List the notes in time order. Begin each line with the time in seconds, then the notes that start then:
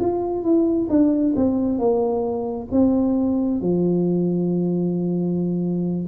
0.00 F4
0.44 E4
0.90 D4
1.36 C4
1.79 A#3
2.72 C4
3.61 F3